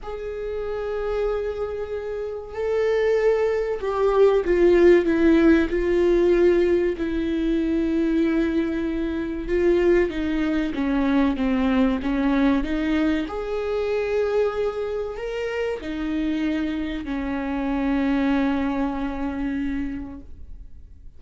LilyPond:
\new Staff \with { instrumentName = "viola" } { \time 4/4 \tempo 4 = 95 gis'1 | a'2 g'4 f'4 | e'4 f'2 e'4~ | e'2. f'4 |
dis'4 cis'4 c'4 cis'4 | dis'4 gis'2. | ais'4 dis'2 cis'4~ | cis'1 | }